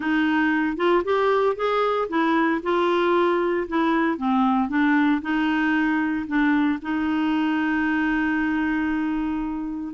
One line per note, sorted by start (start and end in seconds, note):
0.00 0.76 D#4
0.76 1.02 F4
1.04 1.55 G4
1.55 2.08 G#4
2.08 2.61 E4
2.62 3.67 F4
3.68 4.17 E4
4.17 4.68 C4
4.68 5.21 D4
5.21 6.25 D#4
6.27 6.79 D4
6.81 9.94 D#4